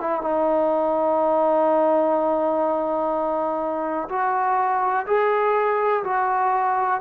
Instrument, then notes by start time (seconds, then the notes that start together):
trombone
0.00 E4
0.21 D#4
4.09 F#4
5.06 G#4
6.04 F#4